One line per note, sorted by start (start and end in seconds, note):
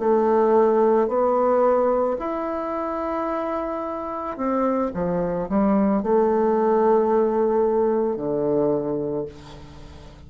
0.00 1.08 A3
1.08 2.17 B3
2.20 4.37 E4
4.37 4.92 C4
4.94 5.49 F3
5.49 6.03 G3
6.03 8.17 A3
8.17 9.26 D3